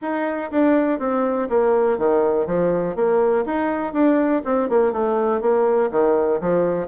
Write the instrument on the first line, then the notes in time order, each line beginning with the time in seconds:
bassoon
0.01 D#4
0.51 D4
0.99 C4
1.49 A#3
1.98 D#3
2.46 F3
2.95 A#3
3.45 D#4
3.93 D4
4.44 C4
4.69 A#3
4.92 A3
5.41 A#3
5.91 D#3
6.40 F3